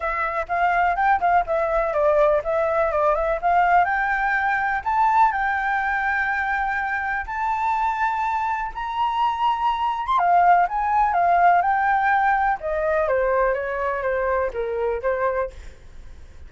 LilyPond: \new Staff \with { instrumentName = "flute" } { \time 4/4 \tempo 4 = 124 e''4 f''4 g''8 f''8 e''4 | d''4 e''4 d''8 e''8 f''4 | g''2 a''4 g''4~ | g''2. a''4~ |
a''2 ais''2~ | ais''8. c'''16 f''4 gis''4 f''4 | g''2 dis''4 c''4 | cis''4 c''4 ais'4 c''4 | }